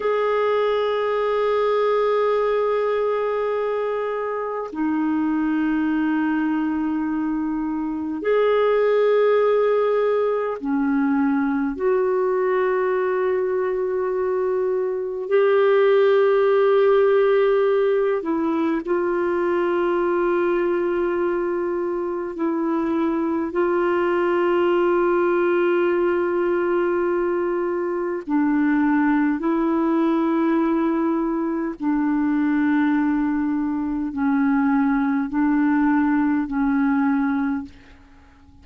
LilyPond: \new Staff \with { instrumentName = "clarinet" } { \time 4/4 \tempo 4 = 51 gis'1 | dis'2. gis'4~ | gis'4 cis'4 fis'2~ | fis'4 g'2~ g'8 e'8 |
f'2. e'4 | f'1 | d'4 e'2 d'4~ | d'4 cis'4 d'4 cis'4 | }